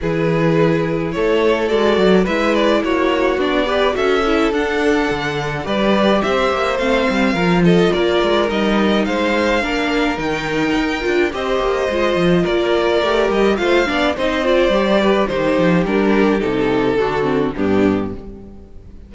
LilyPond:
<<
  \new Staff \with { instrumentName = "violin" } { \time 4/4 \tempo 4 = 106 b'2 cis''4 d''4 | e''8 d''8 cis''4 d''4 e''4 | fis''2 d''4 e''4 | f''4. dis''8 d''4 dis''4 |
f''2 g''2 | dis''2 d''4. dis''8 | f''4 dis''8 d''4. c''4 | ais'4 a'2 g'4 | }
  \new Staff \with { instrumentName = "violin" } { \time 4/4 gis'2 a'2 | b'4 fis'4. b'8 a'4~ | a'2 b'4 c''4~ | c''4 ais'8 a'8 ais'2 |
c''4 ais'2. | c''2 ais'2 | c''8 d''8 c''4. b'8 g'4~ | g'2 fis'4 d'4 | }
  \new Staff \with { instrumentName = "viola" } { \time 4/4 e'2. fis'4 | e'2 d'8 g'8 fis'8 e'8 | d'2 g'2 | c'4 f'2 dis'4~ |
dis'4 d'4 dis'4. f'8 | g'4 f'2 g'4 | f'8 d'8 dis'8 f'8 g'4 dis'4 | d'4 dis'4 d'8 c'8 b4 | }
  \new Staff \with { instrumentName = "cello" } { \time 4/4 e2 a4 gis8 fis8 | gis4 ais4 b4 cis'4 | d'4 d4 g4 c'8 ais8 | a8 g8 f4 ais8 gis8 g4 |
gis4 ais4 dis4 dis'8 d'8 | c'8 ais8 gis8 f8 ais4 a8 g8 | a8 b8 c'4 g4 dis8 f8 | g4 c4 d4 g,4 | }
>>